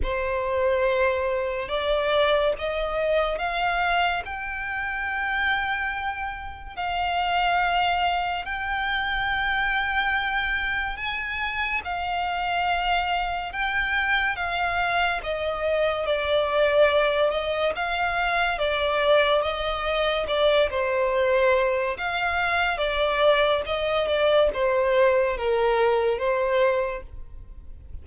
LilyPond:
\new Staff \with { instrumentName = "violin" } { \time 4/4 \tempo 4 = 71 c''2 d''4 dis''4 | f''4 g''2. | f''2 g''2~ | g''4 gis''4 f''2 |
g''4 f''4 dis''4 d''4~ | d''8 dis''8 f''4 d''4 dis''4 | d''8 c''4. f''4 d''4 | dis''8 d''8 c''4 ais'4 c''4 | }